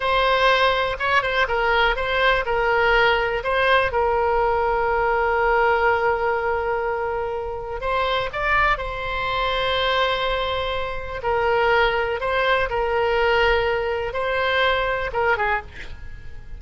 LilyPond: \new Staff \with { instrumentName = "oboe" } { \time 4/4 \tempo 4 = 123 c''2 cis''8 c''8 ais'4 | c''4 ais'2 c''4 | ais'1~ | ais'1 |
c''4 d''4 c''2~ | c''2. ais'4~ | ais'4 c''4 ais'2~ | ais'4 c''2 ais'8 gis'8 | }